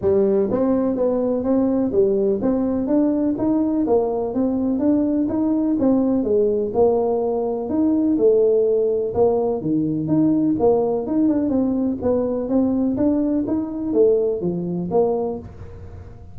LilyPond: \new Staff \with { instrumentName = "tuba" } { \time 4/4 \tempo 4 = 125 g4 c'4 b4 c'4 | g4 c'4 d'4 dis'4 | ais4 c'4 d'4 dis'4 | c'4 gis4 ais2 |
dis'4 a2 ais4 | dis4 dis'4 ais4 dis'8 d'8 | c'4 b4 c'4 d'4 | dis'4 a4 f4 ais4 | }